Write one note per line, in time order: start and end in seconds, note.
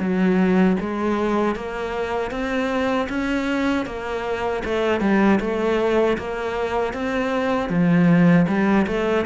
0.00 0.77 F#3
0.80 1.56 G#3
1.56 2.31 A#3
2.31 3.08 C4
3.09 3.86 C#4
3.86 4.63 A#3
4.65 5.01 A3
5.01 5.40 G3
5.41 6.17 A3
6.18 6.94 A#3
6.94 7.70 C4
7.70 8.47 F3
8.48 8.86 G3
8.87 9.26 A3